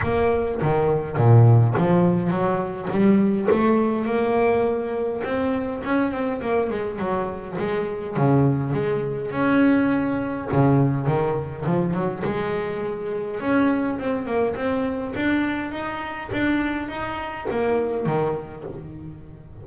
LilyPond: \new Staff \with { instrumentName = "double bass" } { \time 4/4 \tempo 4 = 103 ais4 dis4 ais,4 f4 | fis4 g4 a4 ais4~ | ais4 c'4 cis'8 c'8 ais8 gis8 | fis4 gis4 cis4 gis4 |
cis'2 cis4 dis4 | f8 fis8 gis2 cis'4 | c'8 ais8 c'4 d'4 dis'4 | d'4 dis'4 ais4 dis4 | }